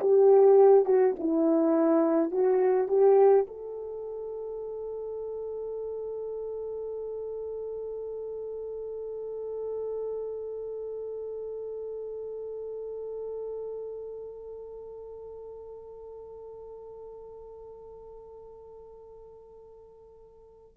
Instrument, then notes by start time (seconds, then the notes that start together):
horn
0.00 G4
0.85 F#4
1.19 E4
2.31 F#4
2.88 G4
3.47 A4